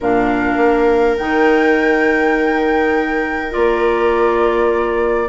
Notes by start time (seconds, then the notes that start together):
0.00 A#2 D4 A#4 F5
0.57 A#3
1.17 D#3 D#4 G5
3.50 A#3 F4 D5